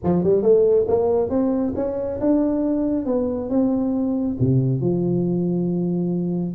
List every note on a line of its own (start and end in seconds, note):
0.03 0.23 F3
0.23 0.42 G3
0.42 0.86 A3
0.88 1.29 A#3
1.29 1.73 C4
1.75 2.19 C#4
2.20 3.05 D4
3.05 3.49 B3
3.49 4.37 C4
4.39 4.80 C3
4.80 6.54 F3